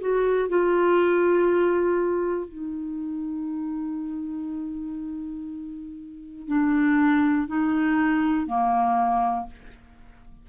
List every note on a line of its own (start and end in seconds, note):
0.00 0.49 F#4
0.49 2.48 F4
2.48 6.47 D#4
6.47 7.47 D4
7.47 8.47 D#4
8.47 9.47 A#3